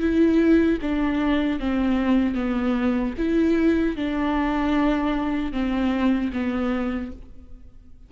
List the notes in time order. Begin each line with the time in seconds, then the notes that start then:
0.00 E4
0.82 D4
1.60 C4
2.35 B3
3.18 E4
3.96 D4
5.52 C4
6.33 B3